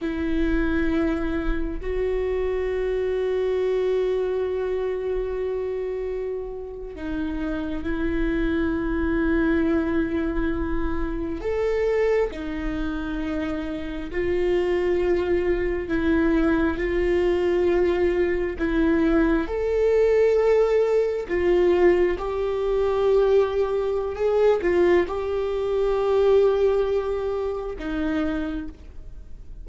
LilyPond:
\new Staff \with { instrumentName = "viola" } { \time 4/4 \tempo 4 = 67 e'2 fis'2~ | fis'2.~ fis'8. dis'16~ | dis'8. e'2.~ e'16~ | e'8. a'4 dis'2 f'16~ |
f'4.~ f'16 e'4 f'4~ f'16~ | f'8. e'4 a'2 f'16~ | f'8. g'2~ g'16 gis'8 f'8 | g'2. dis'4 | }